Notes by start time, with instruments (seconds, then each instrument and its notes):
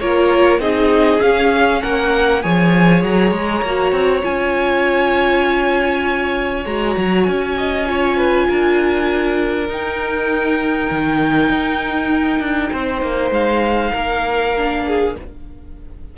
0.00 cello A#3, viola F4, violin A#4 C#5
0.59 cello C4, viola D#4, violin G#4 D#5
1.21 viola C#4, cello C#4, violin F5
1.82 cello A#3, violin A#4 F#5
2.43 cello F3, viola G#4, violin C#5 G#5
3.04 cello F#3, violin A#5
3.31 cello G#3
3.63 cello A#3, viola F#4
3.92 cello C4
4.22 cello C#4, viola F4, violin G#5
6.66 cello G#3, viola F#4, violin A#5
6.97 cello F#3
7.24 cello C#4, violin G#5
7.58 violin D#5
7.86 viola F4, violin C#5
8.17 violin B4
8.49 cello D4, violin A#4
9.68 viola D#4, cello D#4, violin G5
10.91 cello D#3
11.49 cello D#4
12.40 cello D4
12.72 cello C4, violin C5
13.02 cello A#3
13.31 cello G#3, violin F5
13.92 cello A#3, violin A#4
14.57 viola D4
14.86 violin G#4